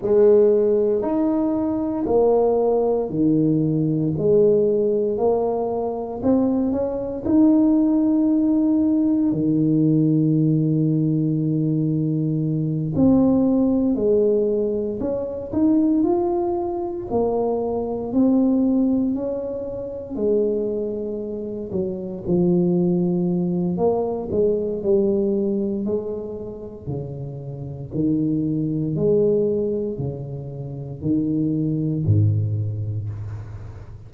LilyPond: \new Staff \with { instrumentName = "tuba" } { \time 4/4 \tempo 4 = 58 gis4 dis'4 ais4 dis4 | gis4 ais4 c'8 cis'8 dis'4~ | dis'4 dis2.~ | dis8 c'4 gis4 cis'8 dis'8 f'8~ |
f'8 ais4 c'4 cis'4 gis8~ | gis4 fis8 f4. ais8 gis8 | g4 gis4 cis4 dis4 | gis4 cis4 dis4 gis,4 | }